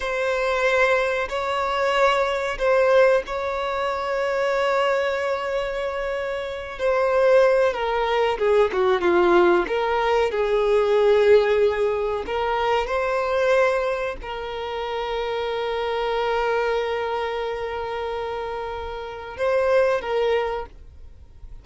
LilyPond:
\new Staff \with { instrumentName = "violin" } { \time 4/4 \tempo 4 = 93 c''2 cis''2 | c''4 cis''2.~ | cis''2~ cis''8 c''4. | ais'4 gis'8 fis'8 f'4 ais'4 |
gis'2. ais'4 | c''2 ais'2~ | ais'1~ | ais'2 c''4 ais'4 | }